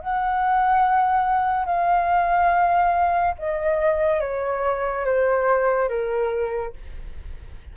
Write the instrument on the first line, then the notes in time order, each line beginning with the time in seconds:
flute
0.00 F#5
1.66 F5
3.39 D#5
4.21 C#5
5.06 C5
5.89 A#4